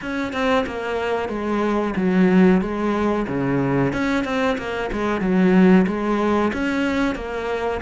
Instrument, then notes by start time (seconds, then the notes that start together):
cello
0.01 C#4
0.32 C4
0.66 A#3
1.28 G#3
1.96 F#3
2.61 G#3
3.27 C#3
3.92 C#4
4.24 C4
4.57 A#3
4.92 G#3
5.21 F#3
5.87 G#3
6.53 C#4
7.15 A#3